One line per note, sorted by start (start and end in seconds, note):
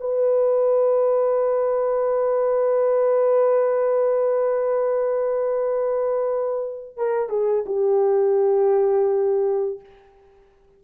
0.00 6.96 B4
6.96 7.29 A#4
7.29 7.65 G#4
7.66 9.80 G4